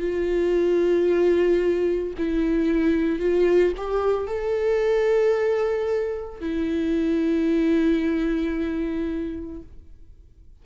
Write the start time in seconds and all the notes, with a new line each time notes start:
0.00 F4
2.18 E4
3.20 F4
3.77 G4
4.28 A4
6.41 E4